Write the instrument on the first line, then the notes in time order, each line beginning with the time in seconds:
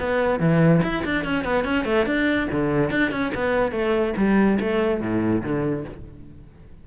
cello
0.00 B3
0.40 E3
0.83 E4
1.05 D4
1.25 C#4
1.45 B3
1.65 C#4
1.85 A3
2.06 D4
2.52 D3
2.90 D4
3.11 C#4
3.35 B3
3.72 A3
4.17 G3
4.60 A3
5.01 A2
5.43 D3